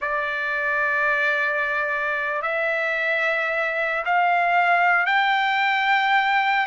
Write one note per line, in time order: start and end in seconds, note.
0.01 2.42 D5
2.42 4.04 E5
4.05 5.06 F5
5.06 6.66 G5